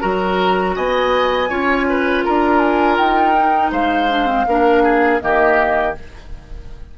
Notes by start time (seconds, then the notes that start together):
0.00 F#3 F#4 A#4 A#5
0.76 B3 D#5 G#5
1.50 C#4 F4 C#5
1.90 B4
2.25 D4 A#4 A#5
2.59 G#5
2.97 D#4 G5
3.37 D#4
3.72 G#3 C5 F5
4.10 D4
4.27 C4
4.47 A#3 D4 A#4
4.84 G#4
5.21 D#3 A#3 G4 D#5